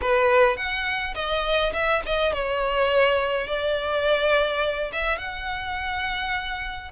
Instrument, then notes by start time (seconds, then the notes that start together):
violin
0.01 B4
0.56 F#5
1.15 D#5
1.73 E5
2.05 D#5
2.33 C#5
3.47 D5
4.92 E5
5.18 F#5